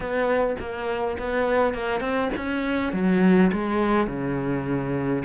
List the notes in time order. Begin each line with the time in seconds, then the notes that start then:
0.00 B3
0.59 A#3
1.18 B3
1.74 A#3
2.00 C4
2.36 C#4
2.93 F#3
3.52 G#3
4.07 C#3